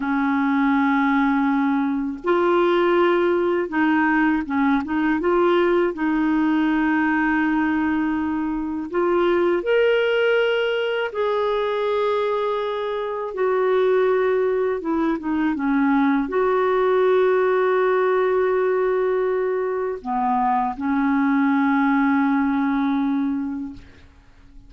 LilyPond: \new Staff \with { instrumentName = "clarinet" } { \time 4/4 \tempo 4 = 81 cis'2. f'4~ | f'4 dis'4 cis'8 dis'8 f'4 | dis'1 | f'4 ais'2 gis'4~ |
gis'2 fis'2 | e'8 dis'8 cis'4 fis'2~ | fis'2. b4 | cis'1 | }